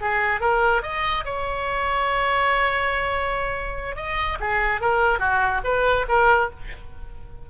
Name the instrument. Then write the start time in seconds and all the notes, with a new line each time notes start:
oboe
0.00 G#4
0.40 A#4
0.82 D#5
1.24 C#5
3.96 D#5
4.40 G#4
4.81 A#4
5.19 F#4
5.64 B4
6.08 A#4